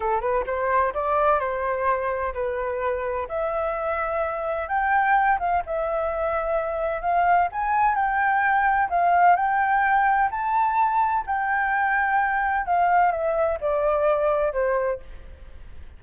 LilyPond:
\new Staff \with { instrumentName = "flute" } { \time 4/4 \tempo 4 = 128 a'8 b'8 c''4 d''4 c''4~ | c''4 b'2 e''4~ | e''2 g''4. f''8 | e''2. f''4 |
gis''4 g''2 f''4 | g''2 a''2 | g''2. f''4 | e''4 d''2 c''4 | }